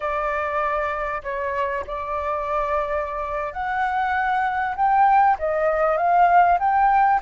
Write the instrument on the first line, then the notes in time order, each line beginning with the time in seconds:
flute
0.00 D5
1.23 C#5
1.86 D5
3.53 F#5
4.76 G5
5.38 D#5
5.97 F5
6.59 G5